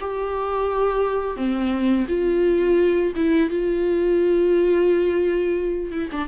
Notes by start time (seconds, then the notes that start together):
0.00 G4
1.36 C4
2.08 F4
3.15 E4
3.49 F4
5.91 E4
6.11 D4